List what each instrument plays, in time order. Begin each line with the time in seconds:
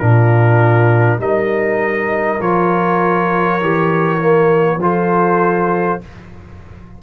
0.00 tuba A#2, trombone D4, horn F4, trumpet A#4
1.19 tuba G3, trombone D#4, horn A#4, trumpet D#5
2.41 tuba F3, trombone F4, trumpet C#5
3.61 tuba E3, trombone G4
4.20 trombone A#3
4.77 tuba F3, trombone F4, horn A4, trumpet C5